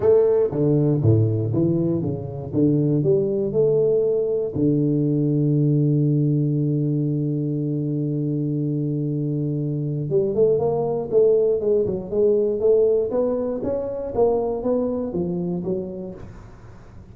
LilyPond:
\new Staff \with { instrumentName = "tuba" } { \time 4/4 \tempo 4 = 119 a4 d4 a,4 e4 | cis4 d4 g4 a4~ | a4 d2.~ | d1~ |
d1 | g8 a8 ais4 a4 gis8 fis8 | gis4 a4 b4 cis'4 | ais4 b4 f4 fis4 | }